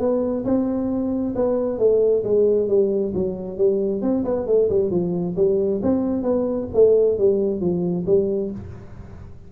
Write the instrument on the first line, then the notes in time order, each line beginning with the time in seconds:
tuba
0.00 B3
0.45 C4
1.36 B3
1.79 A3
2.24 G#3
2.69 G3
3.15 F#3
3.58 G3
4.02 C4
4.25 B3
4.47 A3
4.70 G3
4.91 F3
5.37 G3
5.83 C4
6.23 B3
6.74 A3
7.19 G3
7.61 F3
8.07 G3